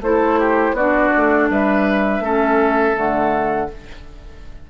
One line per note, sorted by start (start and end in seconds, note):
0.00 0.72 A3
0.00 0.76 E4
0.00 0.39 A4
0.00 0.75 C5
0.39 0.75 G4
0.72 1.09 B3
0.72 2.23 D4
0.72 1.48 F#4
0.72 1.49 D5
1.16 1.49 A3
1.49 2.19 G3
1.49 2.23 B4
1.49 2.97 E5
2.19 2.93 A3
2.19 2.94 C#4
2.19 3.70 A4
2.94 3.70 D3
2.94 3.67 A3
2.94 3.70 F#5